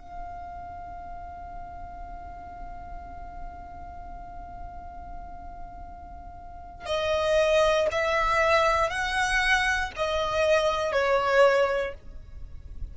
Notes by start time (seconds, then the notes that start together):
0.00 F5
6.86 D#5
7.91 E5
8.90 F#5
9.96 D#5
10.92 C#5